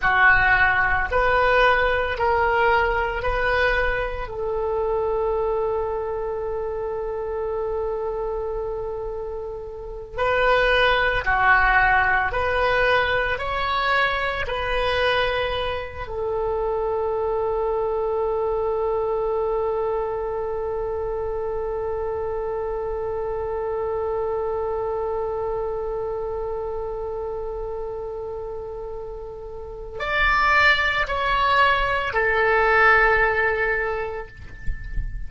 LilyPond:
\new Staff \with { instrumentName = "oboe" } { \time 4/4 \tempo 4 = 56 fis'4 b'4 ais'4 b'4 | a'1~ | a'4. b'4 fis'4 b'8~ | b'8 cis''4 b'4. a'4~ |
a'1~ | a'1~ | a'1 | d''4 cis''4 a'2 | }